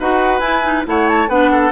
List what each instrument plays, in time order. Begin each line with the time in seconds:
0.00 bassoon D#4, clarinet F#4, oboe B4, flute F#5
0.40 bassoon E4, clarinet E4, flute G#5
0.64 clarinet D#4
0.86 bassoon A3, clarinet E4, oboe C#5, flute F#5
1.09 flute A5
1.29 bassoon B3, clarinet D4, oboe B4, flute F#5
1.52 oboe A4